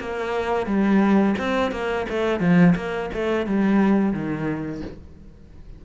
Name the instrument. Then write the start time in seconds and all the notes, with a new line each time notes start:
cello
0.00 A#3
0.66 G3
1.39 C4
1.71 A#3
2.09 A3
2.40 F3
2.76 A#3
3.13 A3
3.46 G3
4.13 D#3